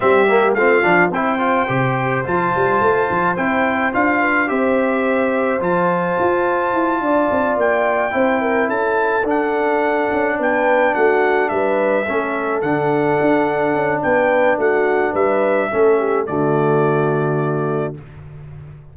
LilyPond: <<
  \new Staff \with { instrumentName = "trumpet" } { \time 4/4 \tempo 4 = 107 e''4 f''4 g''2 | a''2 g''4 f''4 | e''2 a''2~ | a''4. g''2 a''8~ |
a''8 fis''2 g''4 fis''8~ | fis''8 e''2 fis''4.~ | fis''4 g''4 fis''4 e''4~ | e''4 d''2. | }
  \new Staff \with { instrumentName = "horn" } { \time 4/4 g'4 f'4 c''2~ | c''2.~ c''8 b'8 | c''1~ | c''8 d''2 c''8 ais'8 a'8~ |
a'2~ a'8 b'4 fis'8~ | fis'8 b'4 a'2~ a'8~ | a'4 b'4 fis'4 b'4 | a'8 g'8 fis'2. | }
  \new Staff \with { instrumentName = "trombone" } { \time 4/4 c'8 ais8 c'8 d'8 e'8 f'8 g'4 | f'2 e'4 f'4 | g'2 f'2~ | f'2~ f'8 e'4.~ |
e'8 d'2.~ d'8~ | d'4. cis'4 d'4.~ | d'1 | cis'4 a2. | }
  \new Staff \with { instrumentName = "tuba" } { \time 4/4 g4 a8 f8 c'4 c4 | f8 g8 a8 f8 c'4 d'4 | c'2 f4 f'4 | e'8 d'8 c'8 ais4 c'4 cis'8~ |
cis'8 d'4. cis'8 b4 a8~ | a8 g4 a4 d4 d'8~ | d'8 cis'8 b4 a4 g4 | a4 d2. | }
>>